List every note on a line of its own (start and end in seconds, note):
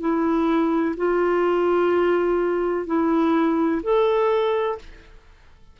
0.00 0.95 E4
0.97 2.87 F4
2.87 3.82 E4
3.83 4.78 A4